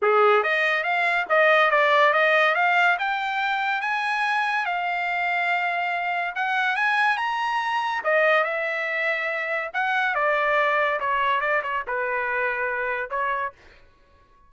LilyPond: \new Staff \with { instrumentName = "trumpet" } { \time 4/4 \tempo 4 = 142 gis'4 dis''4 f''4 dis''4 | d''4 dis''4 f''4 g''4~ | g''4 gis''2 f''4~ | f''2. fis''4 |
gis''4 ais''2 dis''4 | e''2. fis''4 | d''2 cis''4 d''8 cis''8 | b'2. cis''4 | }